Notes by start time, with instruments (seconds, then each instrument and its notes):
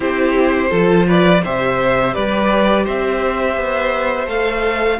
0.00 cello C4, viola E4, violin G4 C5
0.69 cello F3, viola F4, violin A4
1.06 violin B4 D5
1.43 cello C3, viola G4, violin C5 E5
2.14 cello G3, violin B4 D5
2.83 cello C4, violin C5 E5
3.56 cello B3
4.26 cello A3, viola A4, violin F5